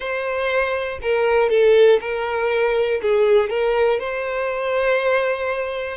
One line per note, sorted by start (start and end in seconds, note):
0.00 0.99 C5
1.02 1.50 A#4
1.50 2.00 A4
2.00 3.00 A#4
3.01 3.50 G#4
3.50 3.99 A#4
3.99 5.97 C5